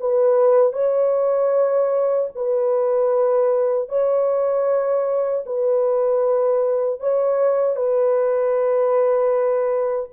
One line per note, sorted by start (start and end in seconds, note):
0.00 0.73 B4
0.73 2.29 C#5
2.36 3.89 B4
3.89 5.45 C#5
5.46 7.00 B4
7.00 7.76 C#5
7.76 10.10 B4